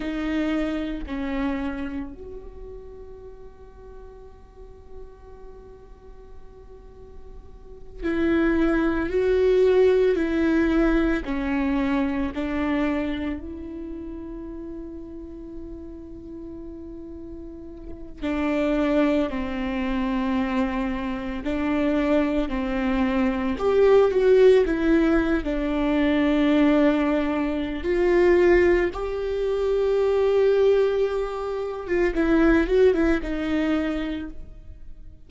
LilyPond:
\new Staff \with { instrumentName = "viola" } { \time 4/4 \tempo 4 = 56 dis'4 cis'4 fis'2~ | fis'2.~ fis'8 e'8~ | e'8 fis'4 e'4 cis'4 d'8~ | d'8 e'2.~ e'8~ |
e'4 d'4 c'2 | d'4 c'4 g'8 fis'8 e'8. d'16~ | d'2 f'4 g'4~ | g'4.~ g'16 f'16 e'8 fis'16 e'16 dis'4 | }